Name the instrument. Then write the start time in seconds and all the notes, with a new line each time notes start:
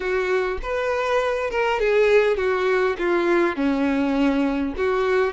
violin
0.00 F#4
0.62 B4
1.50 A#4
1.79 G#4
2.37 F#4
2.98 F4
3.56 C#4
4.76 F#4